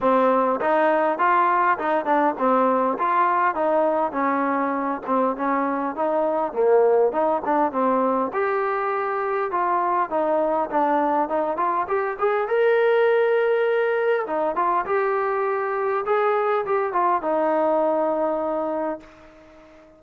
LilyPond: \new Staff \with { instrumentName = "trombone" } { \time 4/4 \tempo 4 = 101 c'4 dis'4 f'4 dis'8 d'8 | c'4 f'4 dis'4 cis'4~ | cis'8 c'8 cis'4 dis'4 ais4 | dis'8 d'8 c'4 g'2 |
f'4 dis'4 d'4 dis'8 f'8 | g'8 gis'8 ais'2. | dis'8 f'8 g'2 gis'4 | g'8 f'8 dis'2. | }